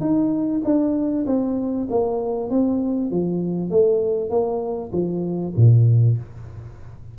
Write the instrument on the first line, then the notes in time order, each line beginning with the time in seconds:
tuba
0.00 D#4
0.64 D4
1.26 C4
1.90 A#3
2.50 C4
3.10 F3
3.70 A3
4.30 A#3
4.92 F3
5.56 A#2